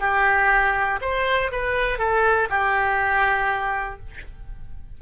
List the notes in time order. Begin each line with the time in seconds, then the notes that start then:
0.00 G4
1.01 C5
1.51 B4
1.98 A4
2.50 G4